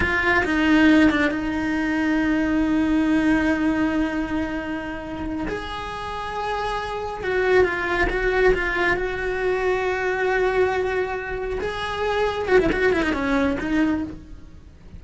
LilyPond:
\new Staff \with { instrumentName = "cello" } { \time 4/4 \tempo 4 = 137 f'4 dis'4. d'8 dis'4~ | dis'1~ | dis'1~ | dis'8 gis'2.~ gis'8~ |
gis'8 fis'4 f'4 fis'4 f'8~ | f'8 fis'2.~ fis'8~ | fis'2~ fis'8 gis'4.~ | gis'8 fis'16 e'16 fis'8 e'16 dis'16 cis'4 dis'4 | }